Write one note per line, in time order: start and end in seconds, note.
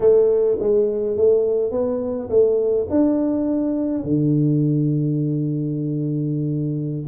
0.00 0.58 A3
0.59 1.16 G#3
1.16 1.71 A3
1.71 2.29 B3
2.29 2.87 A3
2.90 4.03 D4
4.03 7.06 D3